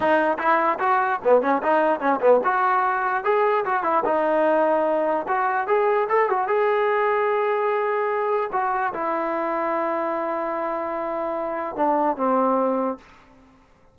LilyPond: \new Staff \with { instrumentName = "trombone" } { \time 4/4 \tempo 4 = 148 dis'4 e'4 fis'4 b8 cis'8 | dis'4 cis'8 b8 fis'2 | gis'4 fis'8 e'8 dis'2~ | dis'4 fis'4 gis'4 a'8 fis'8 |
gis'1~ | gis'4 fis'4 e'2~ | e'1~ | e'4 d'4 c'2 | }